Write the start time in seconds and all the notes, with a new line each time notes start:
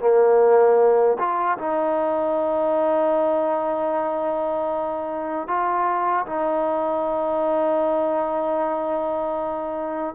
0.00 A#3
1.19 F4
1.58 D#4
5.48 F4
6.26 D#4